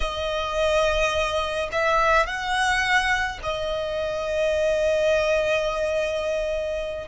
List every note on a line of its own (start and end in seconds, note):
0.00 1.69 D#5
1.72 2.26 E5
2.26 3.40 F#5
3.43 7.08 D#5